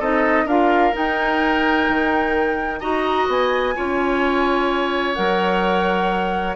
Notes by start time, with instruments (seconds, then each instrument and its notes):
0.00 bassoon C4, clarinet D#4, oboe A4, flute D#5
0.45 bassoon D4, clarinet F4, oboe A#4, flute F5
0.93 clarinet D#4, bassoon D#4, flute G5
1.89 bassoon D#3
2.80 bassoon D#4, clarinet F#4, oboe D#5, flute A#5
3.28 bassoon B3, flute G#5
3.75 bassoon C#4, clarinet F4, oboe C#5
5.14 bassoon F#3, clarinet A#4, flute F#5